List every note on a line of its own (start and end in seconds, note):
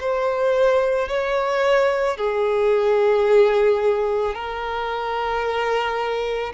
0.00 1.09 C5
1.09 2.18 C#5
2.18 4.35 G#4
4.35 6.53 A#4